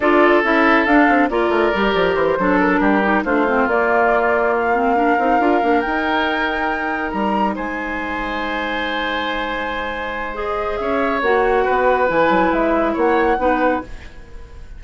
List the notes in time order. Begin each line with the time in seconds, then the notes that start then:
0.00 D4 F4 A4 D5
0.43 C#4 E4 E5
0.86 D4 F5
1.08 C4
1.29 A#3 F4 A#4 D5
1.49 A3
1.74 G3 G4
1.94 F3
2.15 E3 C5
2.39 F#3 D4 A4
2.59 A#4
2.80 G3 G4
3.02 D#4
3.24 A3 D4 F4 C5
3.47 C4
3.66 A#3 D5
4.54 F5
4.74 C4
4.95 D4 A#4
5.18 C4 D#4
5.39 D4 F4
5.61 A#3 D4
5.80 D#4 G5
7.10 G3 A#5
7.55 G#3 C5 G#5
10.34 G#4 D#5
10.77 C#4 C#5 E5
11.21 A#3 F#4 F#5
11.64 B3 B4
12.08 E3 E4 G#5
12.29 F#3
12.52 G#3 E5
12.93 A#3 C#5 F#5
13.37 B3 D#4 B4